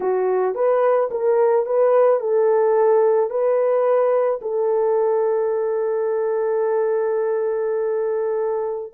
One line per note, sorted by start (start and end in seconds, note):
0.00 0.54 F#4
0.54 1.09 B4
1.11 1.66 A#4
1.66 2.20 B4
2.20 3.30 A4
3.30 4.40 B4
4.41 8.93 A4